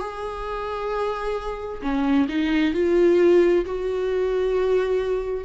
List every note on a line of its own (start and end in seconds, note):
0.00 1.82 G#4
1.83 2.28 C#4
2.29 2.74 D#4
2.74 3.65 F4
3.66 5.45 F#4